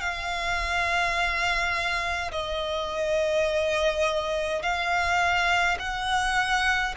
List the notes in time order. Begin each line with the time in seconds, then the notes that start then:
0.00 F5
2.31 D#5
4.62 F5
5.78 F#5